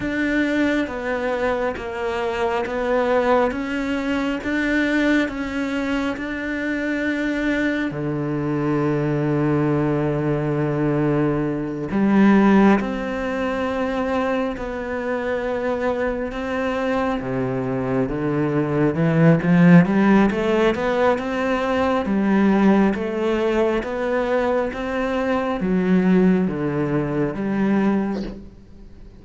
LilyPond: \new Staff \with { instrumentName = "cello" } { \time 4/4 \tempo 4 = 68 d'4 b4 ais4 b4 | cis'4 d'4 cis'4 d'4~ | d'4 d2.~ | d4. g4 c'4.~ |
c'8 b2 c'4 c8~ | c8 d4 e8 f8 g8 a8 b8 | c'4 g4 a4 b4 | c'4 fis4 d4 g4 | }